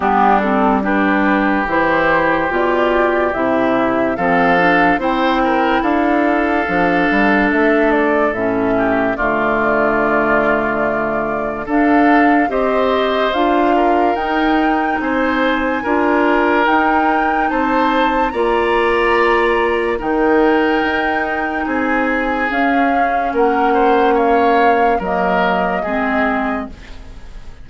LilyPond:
<<
  \new Staff \with { instrumentName = "flute" } { \time 4/4 \tempo 4 = 72 g'8 a'8 b'4 c''4 d''4 | e''4 f''4 g''4 f''4~ | f''4 e''8 d''8 e''4 d''4~ | d''2 f''4 dis''4 |
f''4 g''4 gis''2 | g''4 a''4 ais''2 | g''2 gis''4 f''4 | fis''4 f''4 dis''2 | }
  \new Staff \with { instrumentName = "oboe" } { \time 4/4 d'4 g'2.~ | g'4 a'4 c''8 ais'8 a'4~ | a'2~ a'8 g'8 f'4~ | f'2 a'4 c''4~ |
c''8 ais'4. c''4 ais'4~ | ais'4 c''4 d''2 | ais'2 gis'2 | ais'8 c''8 cis''4 ais'4 gis'4 | }
  \new Staff \with { instrumentName = "clarinet" } { \time 4/4 b8 c'8 d'4 e'4 f'4 | e'4 c'8 d'8 e'2 | d'2 cis'4 a4~ | a2 d'4 g'4 |
f'4 dis'2 f'4 | dis'2 f'2 | dis'2. cis'4~ | cis'2 ais4 c'4 | }
  \new Staff \with { instrumentName = "bassoon" } { \time 4/4 g2 e4 b,4 | c4 f4 c'4 d'4 | f8 g8 a4 a,4 d4~ | d2 d'4 c'4 |
d'4 dis'4 c'4 d'4 | dis'4 c'4 ais2 | dis4 dis'4 c'4 cis'4 | ais2 fis4 gis4 | }
>>